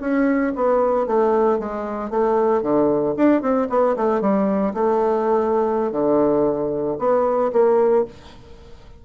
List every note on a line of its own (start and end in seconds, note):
0.00 0.53 C#4
0.55 1.06 B3
1.06 1.59 A3
1.59 2.10 G#3
2.10 2.62 A3
2.62 3.14 D3
3.17 3.41 D4
3.41 3.68 C4
3.69 3.95 B3
3.96 4.21 A3
4.21 4.73 G3
4.73 5.92 A3
5.92 6.97 D3
6.98 7.51 B3
7.52 8.05 A#3